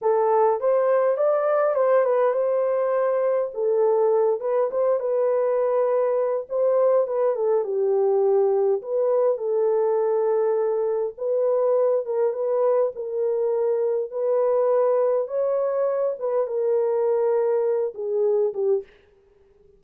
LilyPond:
\new Staff \with { instrumentName = "horn" } { \time 4/4 \tempo 4 = 102 a'4 c''4 d''4 c''8 b'8 | c''2 a'4. b'8 | c''8 b'2~ b'8 c''4 | b'8 a'8 g'2 b'4 |
a'2. b'4~ | b'8 ais'8 b'4 ais'2 | b'2 cis''4. b'8 | ais'2~ ais'8 gis'4 g'8 | }